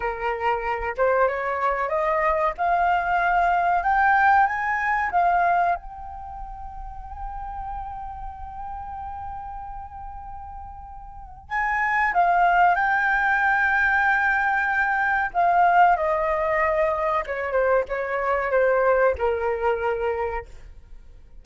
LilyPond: \new Staff \with { instrumentName = "flute" } { \time 4/4 \tempo 4 = 94 ais'4. c''8 cis''4 dis''4 | f''2 g''4 gis''4 | f''4 g''2.~ | g''1~ |
g''2 gis''4 f''4 | g''1 | f''4 dis''2 cis''8 c''8 | cis''4 c''4 ais'2 | }